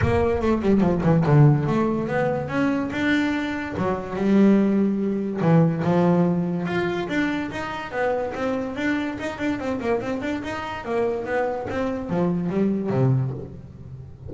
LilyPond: \new Staff \with { instrumentName = "double bass" } { \time 4/4 \tempo 4 = 144 ais4 a8 g8 f8 e8 d4 | a4 b4 cis'4 d'4~ | d'4 fis4 g2~ | g4 e4 f2 |
f'4 d'4 dis'4 b4 | c'4 d'4 dis'8 d'8 c'8 ais8 | c'8 d'8 dis'4 ais4 b4 | c'4 f4 g4 c4 | }